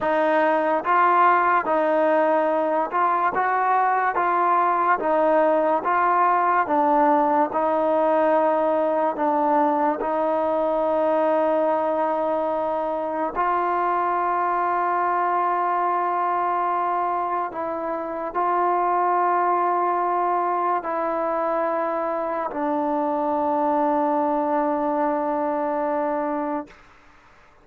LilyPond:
\new Staff \with { instrumentName = "trombone" } { \time 4/4 \tempo 4 = 72 dis'4 f'4 dis'4. f'8 | fis'4 f'4 dis'4 f'4 | d'4 dis'2 d'4 | dis'1 |
f'1~ | f'4 e'4 f'2~ | f'4 e'2 d'4~ | d'1 | }